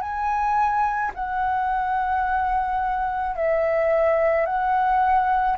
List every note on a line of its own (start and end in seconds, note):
0.00 1.11 G#5
1.14 3.35 F#5
3.35 4.45 E5
4.45 5.57 F#5